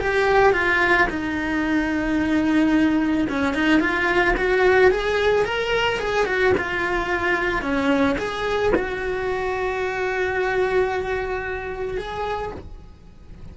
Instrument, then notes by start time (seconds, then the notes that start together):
cello
0.00 G4
0.53 F4
1.10 D#4
3.30 C#4
3.55 D#4
3.81 F4
4.37 F#4
4.91 G#4
5.45 A#4
6.00 G#4
6.26 F#4
6.58 F4
7.62 C#4
8.19 G#4
8.75 F#4
11.98 G#4